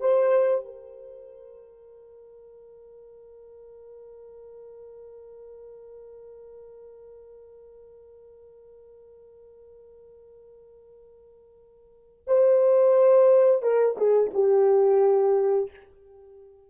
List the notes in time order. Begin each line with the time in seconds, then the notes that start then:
0.00 C5
0.65 A#4
12.27 C5
13.62 A#4
13.97 G#4
14.34 G4